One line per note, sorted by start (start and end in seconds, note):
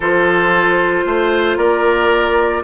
0.00 1.05 F3
0.00 2.63 F4
0.00 1.05 A4
0.00 1.58 C5
1.05 1.56 A3
1.05 1.57 C5
1.56 2.61 A#3
1.56 2.62 A#4
1.56 2.63 D5